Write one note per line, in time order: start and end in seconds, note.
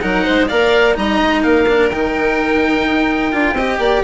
0.00 0.26 F#3
0.00 0.48 D#4
0.00 0.23 A#4
0.00 0.47 F#5
0.23 0.50 G#3
0.23 0.47 C5
0.47 0.97 A#3
0.47 0.94 A#4
0.47 0.95 D5
0.47 0.95 F5
0.94 1.20 G3
0.94 1.65 D#4
0.94 1.42 D#5
0.94 1.43 A#5
1.21 1.44 G#3
1.42 1.91 A#3
1.42 3.54 A#4
1.42 1.89 F5
1.68 1.91 D4
1.89 2.85 D#3
1.89 3.32 D#4
1.89 4.02 G5
2.85 3.32 D#4
3.32 3.53 D4
3.32 3.55 F4
3.53 3.77 C4
3.53 4.03 G4
3.53 3.79 D#5
3.79 4.02 A#3
3.79 4.03 D5